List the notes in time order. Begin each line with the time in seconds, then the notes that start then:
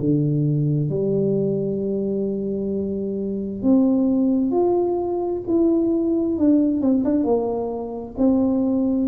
0.00 D3
0.90 G3
3.63 C4
4.51 F4
5.47 E4
6.38 D4
6.81 C4
7.05 D4
7.24 A#3
8.18 C4